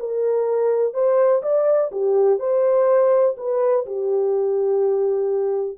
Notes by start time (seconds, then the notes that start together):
0.00 A#4
0.94 C5
1.43 D5
1.92 G4
2.39 C5
3.37 B4
3.86 G4